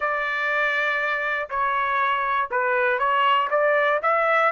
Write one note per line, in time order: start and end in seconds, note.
0.00 1.49 D5
1.49 2.49 C#5
2.50 2.98 B4
2.98 3.48 C#5
3.50 4.00 D5
4.02 4.52 E5